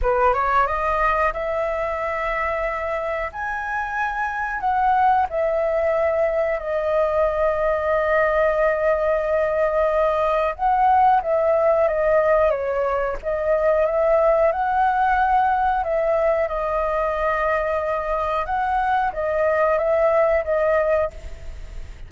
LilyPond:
\new Staff \with { instrumentName = "flute" } { \time 4/4 \tempo 4 = 91 b'8 cis''8 dis''4 e''2~ | e''4 gis''2 fis''4 | e''2 dis''2~ | dis''1 |
fis''4 e''4 dis''4 cis''4 | dis''4 e''4 fis''2 | e''4 dis''2. | fis''4 dis''4 e''4 dis''4 | }